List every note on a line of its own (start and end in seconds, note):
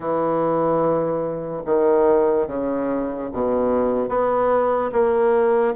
0.00 1.63 E3
1.65 2.47 D#3
2.47 3.29 C#3
3.32 4.08 B2
4.08 4.91 B3
4.92 5.74 A#3